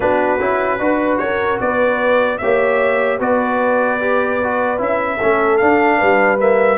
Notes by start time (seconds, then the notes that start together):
0.00 B3 D4 F#4 B4
0.39 C#4 E4
0.79 D4 F#4 B4
1.18 C#4 A#4 C#5
1.60 B3 B4 D5
2.38 A#3 G4 C#5 E5
3.19 B3 F#4 B4 D5
4.00 G4
4.43 F#4
4.77 C#4 E4 E5
5.17 A3 C#4 A4
5.57 D4 F5
5.97 G3 B4
6.38 A#3 E5